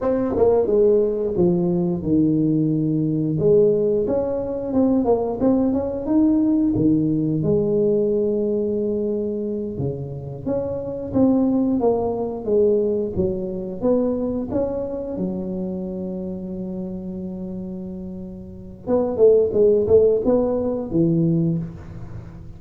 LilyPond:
\new Staff \with { instrumentName = "tuba" } { \time 4/4 \tempo 4 = 89 c'8 ais8 gis4 f4 dis4~ | dis4 gis4 cis'4 c'8 ais8 | c'8 cis'8 dis'4 dis4 gis4~ | gis2~ gis8 cis4 cis'8~ |
cis'8 c'4 ais4 gis4 fis8~ | fis8 b4 cis'4 fis4.~ | fis1 | b8 a8 gis8 a8 b4 e4 | }